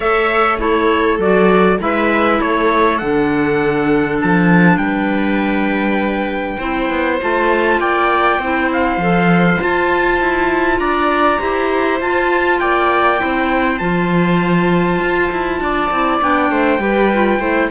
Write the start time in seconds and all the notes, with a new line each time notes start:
0.00 A3 A4 C#5 E5
0.58 E4 A4 C#5
1.18 F#3 F#4 D5
1.79 G#3 E4 B4 E5
2.39 A3 A4 C#5
2.98 D3 D4 F#5
4.21 F3 A5
4.77 G3 B4 G5
6.58 C4 E4 C5
6.89 B3
7.21 A3 F4 A5
7.79 A#3 D5 G5
8.38 C4 E4 C5
8.72 F5
8.97 F3 A4
9.59 F4 A5
10.20 E4
10.78 D4 D5 A#5
11.39 E4 G4 C5
12.01 F4 A5
12.59 A#3 D5 G5
13.18 C4 E4 C5
13.78 F3 F4 A5
15.00 F4
15.31 E4
15.60 D4 D5
15.91 C4 E4
16.21 B3 D4 G5
16.50 A3 C5
16.78 G3 G4 B4
17.13 F4
17.39 A3 E4 C5